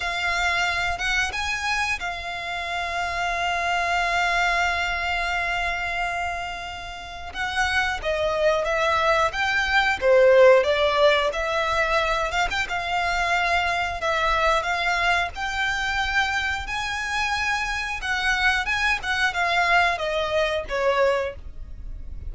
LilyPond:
\new Staff \with { instrumentName = "violin" } { \time 4/4 \tempo 4 = 90 f''4. fis''8 gis''4 f''4~ | f''1~ | f''2. fis''4 | dis''4 e''4 g''4 c''4 |
d''4 e''4. f''16 g''16 f''4~ | f''4 e''4 f''4 g''4~ | g''4 gis''2 fis''4 | gis''8 fis''8 f''4 dis''4 cis''4 | }